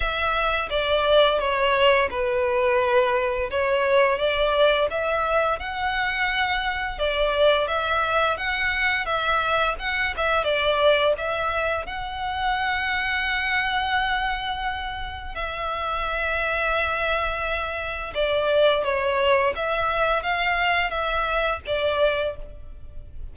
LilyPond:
\new Staff \with { instrumentName = "violin" } { \time 4/4 \tempo 4 = 86 e''4 d''4 cis''4 b'4~ | b'4 cis''4 d''4 e''4 | fis''2 d''4 e''4 | fis''4 e''4 fis''8 e''8 d''4 |
e''4 fis''2.~ | fis''2 e''2~ | e''2 d''4 cis''4 | e''4 f''4 e''4 d''4 | }